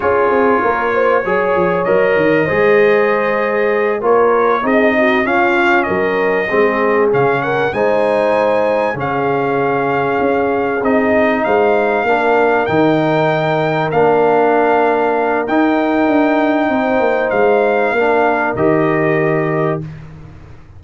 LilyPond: <<
  \new Staff \with { instrumentName = "trumpet" } { \time 4/4 \tempo 4 = 97 cis''2. dis''4~ | dis''2~ dis''8 cis''4 dis''8~ | dis''8 f''4 dis''2 f''8 | fis''8 gis''2 f''4.~ |
f''4. dis''4 f''4.~ | f''8 g''2 f''4.~ | f''4 g''2. | f''2 dis''2 | }
  \new Staff \with { instrumentName = "horn" } { \time 4/4 gis'4 ais'8 c''8 cis''2 | c''2~ c''8 ais'4 gis'8 | fis'8 f'4 ais'4 gis'4. | ais'8 c''2 gis'4.~ |
gis'2~ gis'8 c''4 ais'8~ | ais'1~ | ais'2. c''4~ | c''4 ais'2. | }
  \new Staff \with { instrumentName = "trombone" } { \time 4/4 f'2 gis'4 ais'4 | gis'2~ gis'8 f'4 dis'8~ | dis'8 cis'2 c'4 cis'8~ | cis'8 dis'2 cis'4.~ |
cis'4. dis'2 d'8~ | d'8 dis'2 d'4.~ | d'4 dis'2.~ | dis'4 d'4 g'2 | }
  \new Staff \with { instrumentName = "tuba" } { \time 4/4 cis'8 c'8 ais4 fis8 f8 fis8 dis8 | gis2~ gis8 ais4 c'8~ | c'8 cis'4 fis4 gis4 cis8~ | cis8 gis2 cis4.~ |
cis8 cis'4 c'4 gis4 ais8~ | ais8 dis2 ais4.~ | ais4 dis'4 d'4 c'8 ais8 | gis4 ais4 dis2 | }
>>